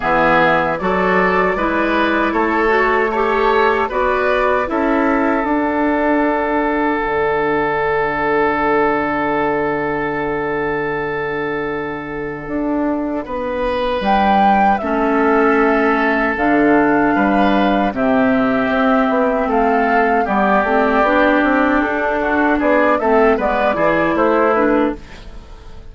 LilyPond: <<
  \new Staff \with { instrumentName = "flute" } { \time 4/4 \tempo 4 = 77 e''4 d''2 cis''4 | a'4 d''4 e''4 fis''4~ | fis''1~ | fis''1~ |
fis''2 g''4 e''4~ | e''4 f''2 e''4~ | e''4 f''4 d''2 | a'4 d''8 e''8 d''4 c''8 b'8 | }
  \new Staff \with { instrumentName = "oboe" } { \time 4/4 gis'4 a'4 b'4 a'4 | cis''4 b'4 a'2~ | a'1~ | a'1~ |
a'4 b'2 a'4~ | a'2 b'4 g'4~ | g'4 a'4 g'2~ | g'8 fis'8 gis'8 a'8 b'8 gis'8 e'4 | }
  \new Staff \with { instrumentName = "clarinet" } { \time 4/4 b4 fis'4 e'4. fis'8 | g'4 fis'4 e'4 d'4~ | d'1~ | d'1~ |
d'2. cis'4~ | cis'4 d'2 c'4~ | c'2 b8 c'8 d'4~ | d'4. c'8 b8 e'4 d'8 | }
  \new Staff \with { instrumentName = "bassoon" } { \time 4/4 e4 fis4 gis4 a4~ | a4 b4 cis'4 d'4~ | d'4 d2.~ | d1 |
d'4 b4 g4 a4~ | a4 d4 g4 c4 | c'8 b8 a4 g8 a8 b8 c'8 | d'4 b8 a8 gis8 e8 a4 | }
>>